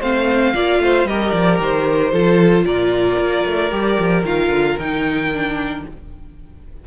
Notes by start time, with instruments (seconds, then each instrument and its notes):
0.00 cello A3, viola C4, violin C5 F5
0.54 cello A#3, viola F4, violin D5
0.80 cello A3, violin C5
1.05 cello G3, viola G4, violin A#4 D#5
1.30 cello F3, violin D5
1.60 cello D#3, violin C5
2.12 cello F3, viola F4, violin A4
2.64 cello A#2, violin A#4 D5
3.18 cello A#3
3.46 cello A3
3.70 cello G3, viola G4
3.99 cello F3
4.24 cello D#3, viola F4, violin F5
4.50 cello D3
4.79 cello D#3, viola D#4, violin G5
5.34 viola D4